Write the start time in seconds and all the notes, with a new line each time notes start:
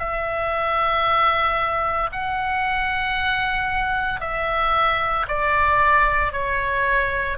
0.00 E5
2.12 F#5
4.21 E5
5.29 D5
6.33 C#5